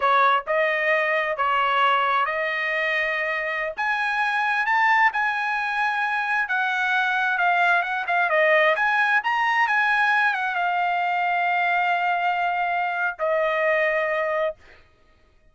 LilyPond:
\new Staff \with { instrumentName = "trumpet" } { \time 4/4 \tempo 4 = 132 cis''4 dis''2 cis''4~ | cis''4 dis''2.~ | dis''16 gis''2 a''4 gis''8.~ | gis''2~ gis''16 fis''4.~ fis''16~ |
fis''16 f''4 fis''8 f''8 dis''4 gis''8.~ | gis''16 ais''4 gis''4. fis''8 f''8.~ | f''1~ | f''4 dis''2. | }